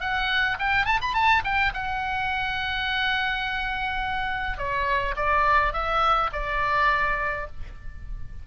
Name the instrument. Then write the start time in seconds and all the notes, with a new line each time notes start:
oboe
0.00 F#5
0.59 G5
0.85 A5
1.01 B5
1.14 A5
1.44 G5
1.74 F#5
4.57 C#5
5.16 D5
5.72 E5
6.32 D5